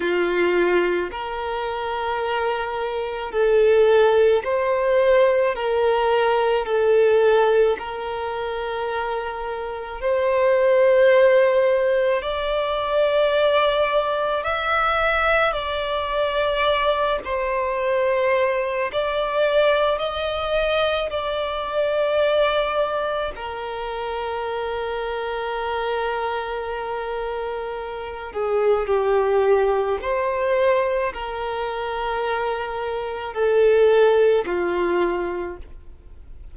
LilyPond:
\new Staff \with { instrumentName = "violin" } { \time 4/4 \tempo 4 = 54 f'4 ais'2 a'4 | c''4 ais'4 a'4 ais'4~ | ais'4 c''2 d''4~ | d''4 e''4 d''4. c''8~ |
c''4 d''4 dis''4 d''4~ | d''4 ais'2.~ | ais'4. gis'8 g'4 c''4 | ais'2 a'4 f'4 | }